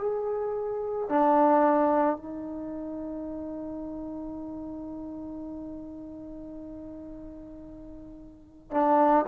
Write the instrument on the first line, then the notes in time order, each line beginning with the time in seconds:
trombone
0.00 G#4
1.09 D4
2.16 D#4
8.71 D4